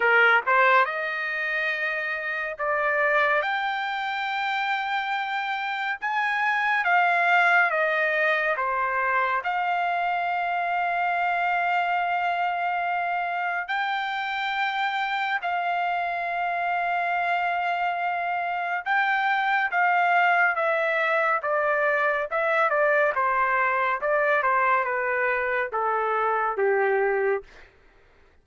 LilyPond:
\new Staff \with { instrumentName = "trumpet" } { \time 4/4 \tempo 4 = 70 ais'8 c''8 dis''2 d''4 | g''2. gis''4 | f''4 dis''4 c''4 f''4~ | f''1 |
g''2 f''2~ | f''2 g''4 f''4 | e''4 d''4 e''8 d''8 c''4 | d''8 c''8 b'4 a'4 g'4 | }